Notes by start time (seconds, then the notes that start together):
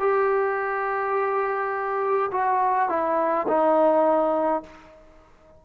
0.00 G4
2.32 F#4
2.90 E4
3.48 D#4